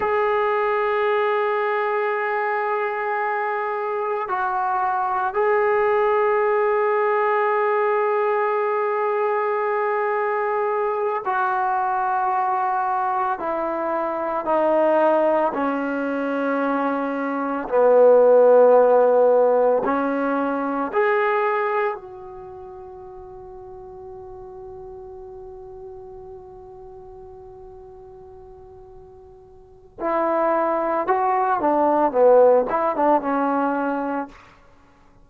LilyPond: \new Staff \with { instrumentName = "trombone" } { \time 4/4 \tempo 4 = 56 gis'1 | fis'4 gis'2.~ | gis'2~ gis'8 fis'4.~ | fis'8 e'4 dis'4 cis'4.~ |
cis'8 b2 cis'4 gis'8~ | gis'8 fis'2.~ fis'8~ | fis'1 | e'4 fis'8 d'8 b8 e'16 d'16 cis'4 | }